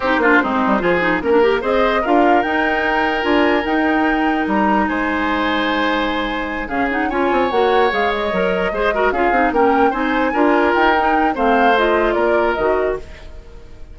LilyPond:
<<
  \new Staff \with { instrumentName = "flute" } { \time 4/4 \tempo 4 = 148 c''2. ais'4 | dis''4 f''4 g''2 | gis''4 g''2 ais''4 | gis''1~ |
gis''8 f''8 fis''8 gis''4 fis''4 f''8 | dis''2~ dis''8 f''4 g''8~ | g''8 gis''2 g''4. | f''4 dis''4 d''4 dis''4 | }
  \new Staff \with { instrumentName = "oboe" } { \time 4/4 g'8 f'8 dis'4 gis'4 ais'4 | c''4 ais'2.~ | ais'1 | c''1~ |
c''8 gis'4 cis''2~ cis''8~ | cis''4. c''8 ais'8 gis'4 ais'8~ | ais'8 c''4 ais'2~ ais'8 | c''2 ais'2 | }
  \new Staff \with { instrumentName = "clarinet" } { \time 4/4 dis'8 d'8 c'4 f'8 dis'8 cis'16 d'16 g'8 | gis'4 f'4 dis'2 | f'4 dis'2.~ | dis'1~ |
dis'8 cis'8 dis'8 f'4 fis'4 gis'8~ | gis'8 ais'4 gis'8 fis'8 f'8 dis'8 cis'8~ | cis'8 dis'4 f'4. dis'4 | c'4 f'2 fis'4 | }
  \new Staff \with { instrumentName = "bassoon" } { \time 4/4 c'8 ais8 gis8 g8 f4 ais4 | c'4 d'4 dis'2 | d'4 dis'2 g4 | gis1~ |
gis8 cis4 cis'8 c'8 ais4 gis8~ | gis8 fis4 gis4 cis'8 c'8 ais8~ | ais8 c'4 d'4 dis'4. | a2 ais4 dis4 | }
>>